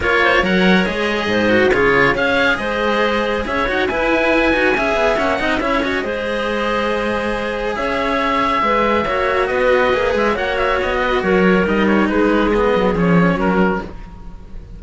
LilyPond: <<
  \new Staff \with { instrumentName = "oboe" } { \time 4/4 \tempo 4 = 139 cis''4 fis''4 dis''2 | cis''4 f''4 dis''2 | e''8 fis''8 gis''2. | fis''4 e''8 dis''2~ dis''8~ |
dis''2 e''2~ | e''2 dis''4. e''8 | fis''8 e''8 dis''4 cis''4 dis''8 cis''8 | b'4 dis''4 cis''4 ais'4 | }
  \new Staff \with { instrumentName = "clarinet" } { \time 4/4 ais'8 c''8 cis''2 c''4 | gis'4 cis''4 c''2 | cis''4 b'2 e''4~ | e''8 dis''8 cis''4 c''2~ |
c''2 cis''2 | b'4 cis''4 b'2 | cis''4. b'8 ais'2 | gis'2. fis'4 | }
  \new Staff \with { instrumentName = "cello" } { \time 4/4 f'4 ais'4 gis'4. fis'8 | f'4 gis'2.~ | gis'8 fis'8 e'4. fis'8 gis'4 | cis'8 dis'8 e'8 fis'8 gis'2~ |
gis'1~ | gis'4 fis'2 gis'4 | fis'2. dis'4~ | dis'4 b4 cis'2 | }
  \new Staff \with { instrumentName = "cello" } { \time 4/4 ais4 fis4 gis4 gis,4 | cis4 cis'4 gis2 | cis'8 dis'8 e'4. dis'8 cis'8 b8 | ais8 c'8 cis'4 gis2~ |
gis2 cis'2 | gis4 ais4 b4 ais8 gis8 | ais4 b4 fis4 g4 | gis4. fis8 f4 fis4 | }
>>